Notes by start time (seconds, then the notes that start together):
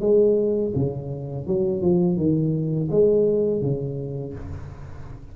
0.00 G#3
0.75 C#3
1.47 F#3
1.81 F3
2.17 D#3
2.90 G#3
3.61 C#3